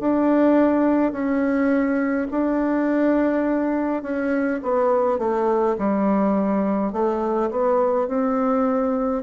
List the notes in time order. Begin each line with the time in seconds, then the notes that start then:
0.00 D4
1.12 C#4
2.31 D4
4.03 C#4
4.63 B3
5.19 A3
5.78 G3
6.93 A3
7.51 B3
8.08 C4